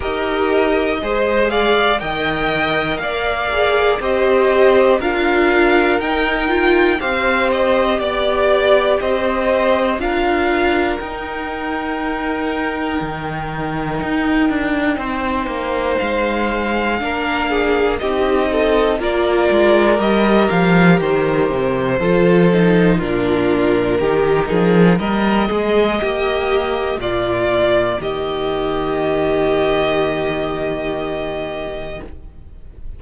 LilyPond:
<<
  \new Staff \with { instrumentName = "violin" } { \time 4/4 \tempo 4 = 60 dis''4. f''8 g''4 f''4 | dis''4 f''4 g''4 f''8 dis''8 | d''4 dis''4 f''4 g''4~ | g''1 |
f''2 dis''4 d''4 | dis''8 f''8 c''2 ais'4~ | ais'4 dis''2 d''4 | dis''1 | }
  \new Staff \with { instrumentName = "violin" } { \time 4/4 ais'4 c''8 d''8 dis''4 d''4 | c''4 ais'2 c''4 | d''4 c''4 ais'2~ | ais'2. c''4~ |
c''4 ais'8 gis'8 g'8 a'8 ais'4~ | ais'2 a'4 f'4 | g'8 gis'8 ais'8 gis'8 g'4 f'4 | g'1 | }
  \new Staff \with { instrumentName = "viola" } { \time 4/4 g'4 gis'4 ais'4. gis'8 | g'4 f'4 dis'8 f'8 g'4~ | g'2 f'4 dis'4~ | dis'1~ |
dis'4 d'4 dis'4 f'4 | g'2 f'8 dis'8 d'4 | dis'4 ais2.~ | ais1 | }
  \new Staff \with { instrumentName = "cello" } { \time 4/4 dis'4 gis4 dis4 ais4 | c'4 d'4 dis'4 c'4 | b4 c'4 d'4 dis'4~ | dis'4 dis4 dis'8 d'8 c'8 ais8 |
gis4 ais4 c'4 ais8 gis8 | g8 f8 dis8 c8 f4 ais,4 | dis8 f8 g8 gis8 ais4 ais,4 | dis1 | }
>>